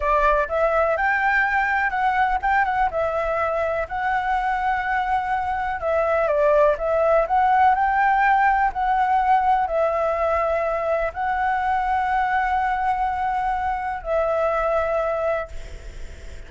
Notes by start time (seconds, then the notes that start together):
0.00 D5
0.48 E5
0.96 G5
1.90 F#5
2.42 G5
2.65 F#5
2.90 E5
3.88 F#5
5.80 E5
6.27 D5
6.78 E5
7.27 F#5
7.75 G5
8.72 F#5
9.67 E5
11.13 F#5
14.02 E5